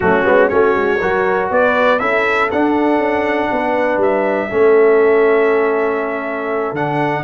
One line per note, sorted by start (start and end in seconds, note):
0.00 0.25 F#3
0.00 0.24 A3
0.00 0.50 C#4
0.00 0.48 F#4
0.24 0.50 G#3
0.24 0.48 B3
0.48 0.74 A3
0.48 0.98 C#4
0.48 1.00 F#4
0.48 1.48 C#5
0.74 0.99 G#3
1.00 1.50 F#3
1.00 1.99 F#4
1.00 1.50 A#4
1.50 2.00 B3
1.50 2.00 B4
1.50 1.99 D5
1.99 2.50 C#4
1.99 2.49 E4
1.99 3.50 A4
1.99 2.49 E5
2.51 2.98 D4
2.51 4.50 D4
2.51 4.01 F#5
2.98 3.48 C#4
3.51 3.97 B3
3.51 4.49 B4
3.97 4.47 G3
3.97 6.75 E5
4.49 6.72 A3
4.49 6.75 C#4
4.49 7.23 A4
6.72 7.22 D3
6.72 7.23 D4
6.72 7.23 F#5